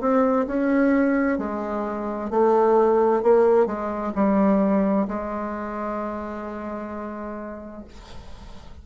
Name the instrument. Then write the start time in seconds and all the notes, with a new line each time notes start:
bassoon
0.00 C4
0.47 C#4
1.38 G#3
2.30 A3
3.23 A#3
3.66 G#3
4.15 G3
5.08 G#3